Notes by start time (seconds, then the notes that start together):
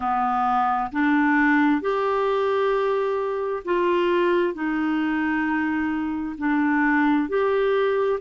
0.00 B3
0.92 D4
1.81 G4
3.64 F4
4.54 D#4
6.38 D4
7.29 G4